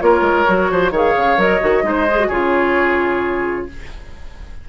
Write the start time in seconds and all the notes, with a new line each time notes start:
0.00 A#3 F4 A#4 C#5
0.21 G#3
0.46 F#3 F#4
0.71 F3 C5
0.91 D#3 G#4 C#5
0.97 F5
1.17 C#3
1.37 F#3 A#4 D#5
1.61 D#3 F#4
1.83 G#3 D#4 C5
2.11 G#4
2.20 F#4
2.28 C#3 F4 G#4 C#5